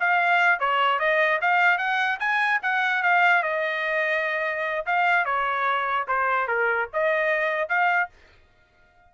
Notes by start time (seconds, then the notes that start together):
0.00 F5
0.60 C#5
0.99 D#5
1.41 F5
1.78 F#5
2.20 G#5
2.63 F#5
3.03 F5
3.43 D#5
4.86 F5
5.25 C#5
6.08 C5
6.47 A#4
6.94 D#5
7.69 F5